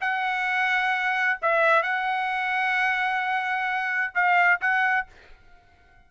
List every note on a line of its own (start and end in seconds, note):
0.00 1.38 F#5
1.41 1.82 E5
1.82 4.13 F#5
4.14 4.60 F5
4.60 5.07 F#5